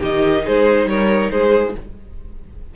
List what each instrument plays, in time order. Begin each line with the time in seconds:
0.00 cello D#3, viola D#4, violin G4 D#5
0.45 cello G#3, violin G#4 C5
0.85 cello G3, violin A#4 C#5
1.31 cello G#3, violin G#4 C5